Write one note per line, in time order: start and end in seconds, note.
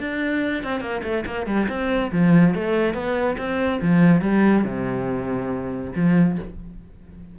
0.00 0.64 D4
0.64 0.81 C4
0.81 1.02 A#3
1.03 1.25 A3
1.26 1.47 A#3
1.47 1.68 G3
1.69 2.12 C4
2.12 2.55 F3
2.55 2.94 A3
2.94 3.37 B3
3.38 3.81 C4
3.82 4.22 F3
4.22 4.64 G3
4.64 5.92 C3
5.96 6.39 F3